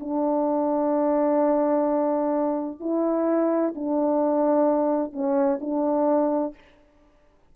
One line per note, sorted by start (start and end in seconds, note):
0.00 2.80 D4
2.80 3.74 E4
3.75 5.13 D4
5.13 5.60 C#4
5.61 6.55 D4